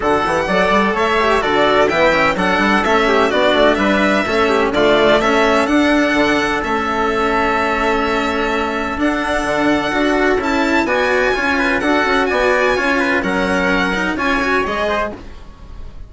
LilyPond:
<<
  \new Staff \with { instrumentName = "violin" } { \time 4/4 \tempo 4 = 127 fis''2 e''4 d''4 | g''4 fis''4 e''4 d''4 | e''2 d''4 e''4 | fis''2 e''2~ |
e''2. fis''4~ | fis''2 a''4 gis''4~ | gis''4 fis''4 gis''2 | fis''2 gis''4 dis''4 | }
  \new Staff \with { instrumentName = "trumpet" } { \time 4/4 a'4 d''4 cis''4 a'4 | e''4 a'4. g'8 fis'4 | b'4 a'8 g'8 f'4 a'4~ | a'1~ |
a'1~ | a'2. d''4 | cis''8 b'8 a'4 d''4 cis''8 b'8 | ais'2 cis''4. c''8 | }
  \new Staff \with { instrumentName = "cello" } { \time 4/4 fis'8 g'8 a'4. g'8 fis'4 | b8 cis'8 d'4 cis'4 d'4~ | d'4 cis'4 a4 cis'4 | d'2 cis'2~ |
cis'2. d'4~ | d'4 fis'4 e'4 fis'4 | f'4 fis'2 f'4 | cis'4. dis'8 f'8 fis'8 gis'4 | }
  \new Staff \with { instrumentName = "bassoon" } { \time 4/4 d8 e8 fis8 g8 a4 d4 | e4 fis8 g8 a4 b8 a8 | g4 a4 d4 a4 | d'4 d4 a2~ |
a2. d'4 | d4 d'4 cis'4 b4 | cis'4 d'8 cis'8 b4 cis'4 | fis2 cis'4 gis4 | }
>>